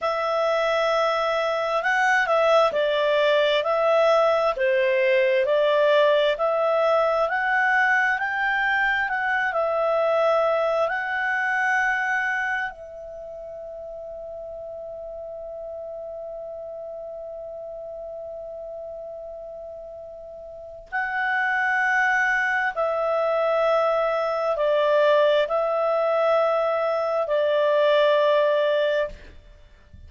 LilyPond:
\new Staff \with { instrumentName = "clarinet" } { \time 4/4 \tempo 4 = 66 e''2 fis''8 e''8 d''4 | e''4 c''4 d''4 e''4 | fis''4 g''4 fis''8 e''4. | fis''2 e''2~ |
e''1~ | e''2. fis''4~ | fis''4 e''2 d''4 | e''2 d''2 | }